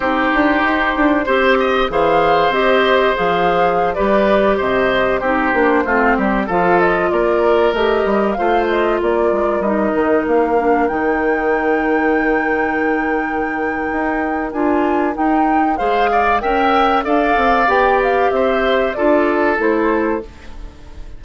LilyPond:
<<
  \new Staff \with { instrumentName = "flute" } { \time 4/4 \tempo 4 = 95 c''2. f''4 | dis''4 f''4~ f''16 d''4 dis''8.~ | dis''16 c''2 f''8 dis''8 d''8.~ | d''16 dis''4 f''8 dis''8 d''4 dis''8.~ |
dis''16 f''4 g''2~ g''8.~ | g''2. gis''4 | g''4 f''4 g''4 f''4 | g''8 f''8 e''4 d''4 c''4 | }
  \new Staff \with { instrumentName = "oboe" } { \time 4/4 g'2 c''8 dis''8 c''4~ | c''2~ c''16 b'4 c''8.~ | c''16 g'4 f'8 g'8 a'4 ais'8.~ | ais'4~ ais'16 c''4 ais'4.~ ais'16~ |
ais'1~ | ais'1~ | ais'4 c''8 d''8 e''4 d''4~ | d''4 c''4 a'2 | }
  \new Staff \with { instrumentName = "clarinet" } { \time 4/4 dis'2 g'4 gis'4 | g'4 gis'4~ gis'16 g'4.~ g'16~ | g'16 dis'8 d'8 c'4 f'4.~ f'16~ | f'16 g'4 f'2 dis'8.~ |
dis'8. d'8 dis'2~ dis'8.~ | dis'2. f'4 | dis'4 gis'4 ais'4 a'4 | g'2 f'4 e'4 | }
  \new Staff \with { instrumentName = "bassoon" } { \time 4/4 c'8 d'8 dis'8 d'8 c'4 e4 | c'4 f4~ f16 g4 c8.~ | c16 c'8 ais8 a8 g8 f4 ais8.~ | ais16 a8 g8 a4 ais8 gis8 g8 dis16~ |
dis16 ais4 dis2~ dis8.~ | dis2 dis'4 d'4 | dis'4 gis4 cis'4 d'8 c'8 | b4 c'4 d'4 a4 | }
>>